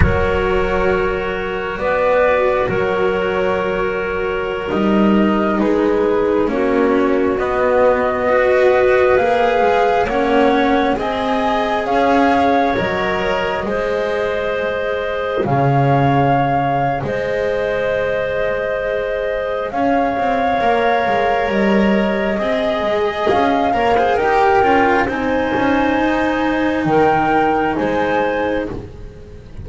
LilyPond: <<
  \new Staff \with { instrumentName = "flute" } { \time 4/4 \tempo 4 = 67 cis''2 d''4 cis''4~ | cis''4~ cis''16 dis''4 b'4 cis''8.~ | cis''16 dis''2 f''4 fis''8.~ | fis''16 gis''4 f''4 dis''4.~ dis''16~ |
dis''4~ dis''16 f''4.~ f''16 dis''4~ | dis''2 f''2 | dis''2 f''4 g''4 | gis''2 g''4 gis''4 | }
  \new Staff \with { instrumentName = "clarinet" } { \time 4/4 ais'2 b'4 ais'4~ | ais'2~ ais'16 gis'4 fis'8.~ | fis'4~ fis'16 b'2 cis''8.~ | cis''16 dis''4 cis''2 c''8.~ |
c''4~ c''16 cis''4.~ cis''16 c''4~ | c''2 cis''2~ | cis''4 dis''4. cis''16 c''16 ais'4 | c''2 ais'4 c''4 | }
  \new Staff \with { instrumentName = "cello" } { \time 4/4 fis'1~ | fis'4~ fis'16 dis'2 cis'8.~ | cis'16 b4 fis'4 gis'4 cis'8.~ | cis'16 gis'2 ais'4 gis'8.~ |
gis'1~ | gis'2. ais'4~ | ais'4 gis'4. ais'16 gis'16 g'8 f'8 | dis'1 | }
  \new Staff \with { instrumentName = "double bass" } { \time 4/4 fis2 b4 fis4~ | fis4~ fis16 g4 gis4 ais8.~ | ais16 b2 ais8 gis8 ais8.~ | ais16 c'4 cis'4 fis4 gis8.~ |
gis4~ gis16 cis4.~ cis16 gis4~ | gis2 cis'8 c'8 ais8 gis8 | g4 c'8 gis8 cis'8 ais8 dis'8 cis'8 | c'8 cis'8 dis'4 dis4 gis4 | }
>>